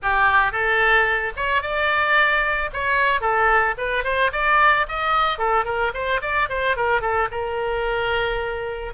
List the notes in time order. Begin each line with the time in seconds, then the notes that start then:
0.02 G4
0.51 A4
1.36 C#5
1.62 D5
2.73 C#5
3.20 A4
3.77 B4
4.04 C5
4.32 D5
4.88 D#5
5.38 A4
5.64 A#4
5.93 C5
6.21 D5
6.49 C5
6.76 A#4
7.01 A4
7.31 A#4